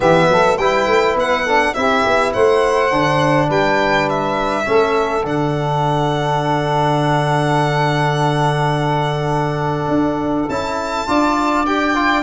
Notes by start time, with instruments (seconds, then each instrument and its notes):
0.00 tuba E3, trombone B3, saxophone G4, violin E5
0.28 tuba F#3, saxophone A4
0.57 tuba G3, trombone E4, saxophone B4, violin G5
0.86 tuba A3
1.15 tuba B3, violin F#5
1.44 trombone D4, saxophone A4
1.74 tuba C4, trombone E4, saxophone G4, violin E5
2.05 tuba B3
2.33 tuba A3, saxophone C5, violin F#5
2.90 tuba D3, trombone D4
3.47 tuba G3, saxophone B4, violin G5
4.09 violin E5
4.64 tuba A3, trombone C#4, saxophone A4
5.24 tuba D3, trombone D4, violin F#5
9.88 tuba D4
10.48 tuba C#4, trombone E4, violin A5
11.07 tuba D4, trombone F4, saxophone D5
11.66 trombone G4, violin G5
11.94 trombone F4